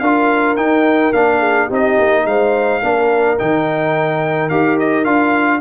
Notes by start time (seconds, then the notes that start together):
0.00 D4 F4 A#4 F5
0.57 D#4 G5
1.13 A#3 D4 F5
1.39 G#4
1.66 C4 D#4 G4
1.74 D#5
1.99 A#3
2.25 G#3 C5 F5
2.82 A#3 D4 A#4
3.39 D#3 D#4 G5
4.50 D#4 G4 F5
4.79 D#5
5.05 D4 F4 F5